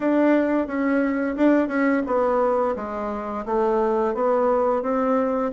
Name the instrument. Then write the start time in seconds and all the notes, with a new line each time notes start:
bassoon
0.00 D4
0.67 C#4
1.36 D4
1.67 C#4
2.06 B3
2.76 G#3
3.45 A3
4.14 B3
4.82 C4